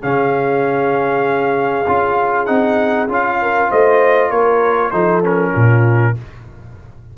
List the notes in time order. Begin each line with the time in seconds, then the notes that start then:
0.00 C#3 C#4 G#4 F5
1.87 C#4 F4
2.46 C4 D#4 F#5
3.08 C#4 F4 F5
3.41 A#4
3.69 A3 C5 D#5
4.30 A#3 A#4 C#5
4.91 F3 D#4 A4 C5
5.23 C#4 A#4
5.52 A#2 F4